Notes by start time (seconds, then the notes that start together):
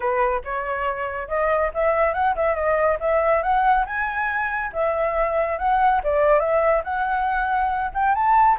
0.00 B4
0.44 C#5
1.28 D#5
1.74 E5
2.13 F#5
2.35 E5
2.55 D#5
3.00 E5
3.42 F#5
3.86 G#5
4.72 E5
5.58 F#5
6.03 D5
6.39 E5
6.84 F#5
7.94 G5
8.14 A5